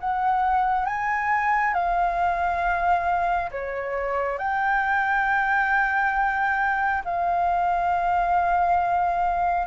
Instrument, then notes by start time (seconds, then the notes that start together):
flute
0.00 F#5
0.86 G#5
1.74 F5
3.51 C#5
4.38 G5
7.04 F5